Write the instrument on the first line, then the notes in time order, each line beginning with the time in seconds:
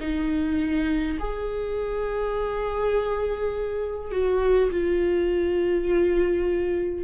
viola
0.00 D#4
1.19 G#4
4.12 F#4
4.71 F4